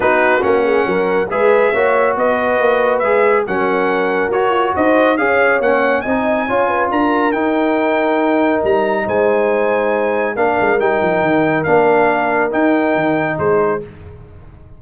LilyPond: <<
  \new Staff \with { instrumentName = "trumpet" } { \time 4/4 \tempo 4 = 139 b'4 fis''2 e''4~ | e''4 dis''2 e''4 | fis''2 cis''4 dis''4 | f''4 fis''4 gis''2 |
ais''4 g''2. | ais''4 gis''2. | f''4 g''2 f''4~ | f''4 g''2 c''4 | }
  \new Staff \with { instrumentName = "horn" } { \time 4/4 fis'4. gis'8 ais'4 b'4 | cis''4 b'2. | ais'2. c''4 | cis''2 dis''4 cis''8 b'8 |
ais'1~ | ais'4 c''2. | ais'1~ | ais'2. gis'4 | }
  \new Staff \with { instrumentName = "trombone" } { \time 4/4 dis'4 cis'2 gis'4 | fis'2. gis'4 | cis'2 fis'2 | gis'4 cis'4 dis'4 f'4~ |
f'4 dis'2.~ | dis'1 | d'4 dis'2 d'4~ | d'4 dis'2. | }
  \new Staff \with { instrumentName = "tuba" } { \time 4/4 b4 ais4 fis4 gis4 | ais4 b4 ais4 gis4 | fis2 fis'8 f'8 dis'4 | cis'4 ais4 c'4 cis'4 |
d'4 dis'2. | g4 gis2. | ais8 gis8 g8 f8 dis4 ais4~ | ais4 dis'4 dis4 gis4 | }
>>